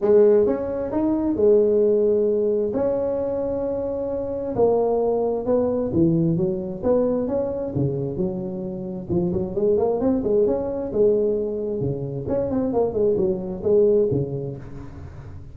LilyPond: \new Staff \with { instrumentName = "tuba" } { \time 4/4 \tempo 4 = 132 gis4 cis'4 dis'4 gis4~ | gis2 cis'2~ | cis'2 ais2 | b4 e4 fis4 b4 |
cis'4 cis4 fis2 | f8 fis8 gis8 ais8 c'8 gis8 cis'4 | gis2 cis4 cis'8 c'8 | ais8 gis8 fis4 gis4 cis4 | }